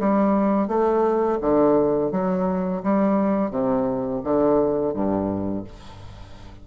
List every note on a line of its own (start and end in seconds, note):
0.00 0.68 G3
0.68 1.39 A3
1.41 2.12 D3
2.12 2.83 F#3
2.84 3.51 G3
3.51 4.22 C3
4.24 4.94 D3
4.94 5.65 G2